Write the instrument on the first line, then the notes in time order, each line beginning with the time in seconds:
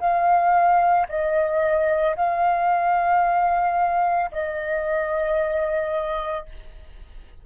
flute
0.00 F5
1.08 D#5
2.16 F5
4.31 D#5